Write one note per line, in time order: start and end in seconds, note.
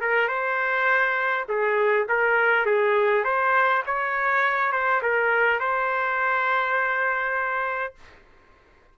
0.00 0.28 A#4
0.28 1.46 C5
1.48 2.07 G#4
2.08 2.66 A#4
2.66 3.24 G#4
3.24 3.83 C5
3.86 4.72 C#5
4.72 5.01 C5
5.02 5.59 A#4
5.59 7.95 C5